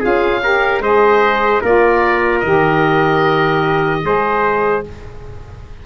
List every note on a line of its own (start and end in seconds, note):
0.00 0.80 C#4
0.00 0.41 F4
0.00 0.40 G#4
0.00 0.83 F5
0.42 0.82 G4
0.42 0.82 A#4
0.80 1.60 G#3
0.80 1.62 G#4
0.80 1.61 C5
0.80 1.63 D#5
1.61 2.43 A#3
1.61 2.45 F4
1.61 4.01 A#4
1.61 2.40 D5
2.40 4.03 D#3
2.40 4.03 G4
2.40 4.79 D#5
4.03 4.84 G#3
4.03 4.83 G#4
4.03 4.85 C5